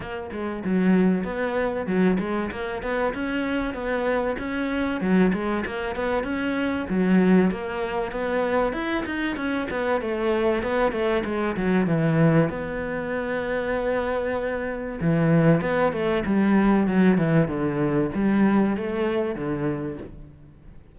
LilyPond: \new Staff \with { instrumentName = "cello" } { \time 4/4 \tempo 4 = 96 ais8 gis8 fis4 b4 fis8 gis8 | ais8 b8 cis'4 b4 cis'4 | fis8 gis8 ais8 b8 cis'4 fis4 | ais4 b4 e'8 dis'8 cis'8 b8 |
a4 b8 a8 gis8 fis8 e4 | b1 | e4 b8 a8 g4 fis8 e8 | d4 g4 a4 d4 | }